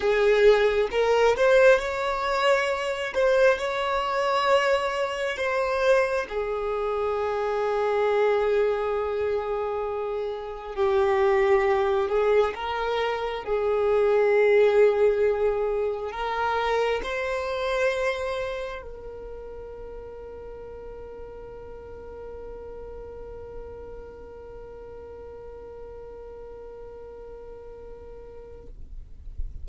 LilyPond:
\new Staff \with { instrumentName = "violin" } { \time 4/4 \tempo 4 = 67 gis'4 ais'8 c''8 cis''4. c''8 | cis''2 c''4 gis'4~ | gis'1 | g'4. gis'8 ais'4 gis'4~ |
gis'2 ais'4 c''4~ | c''4 ais'2.~ | ais'1~ | ais'1 | }